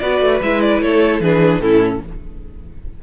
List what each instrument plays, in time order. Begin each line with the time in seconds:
0.00 cello B3, viola F#4, violin B4 D5
0.21 cello A3
0.42 cello G#3, viola E4, violin E5
0.61 violin D5
0.81 cello A3, violin A4 C#5
1.21 cello E3, viola D4, violin G#4 B4
1.60 cello A2, viola C#4, violin E4 A4